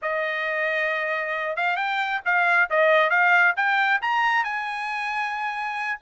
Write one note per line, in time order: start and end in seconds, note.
0.02 1.56 D#5
1.56 1.76 F5
1.76 2.20 G5
2.25 2.69 F5
2.70 3.10 D#5
3.10 3.54 F5
3.56 4.00 G5
4.01 4.43 A#5
4.43 5.99 G#5